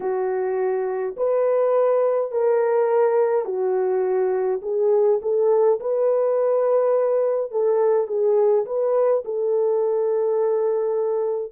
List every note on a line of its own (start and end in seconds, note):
0.00 1.15 F#4
1.16 2.31 B4
2.31 3.45 A#4
3.45 4.60 F#4
4.62 5.19 G#4
5.22 5.80 A4
5.80 7.51 B4
7.51 8.07 A4
8.07 8.65 G#4
8.65 9.23 B4
9.24 11.52 A4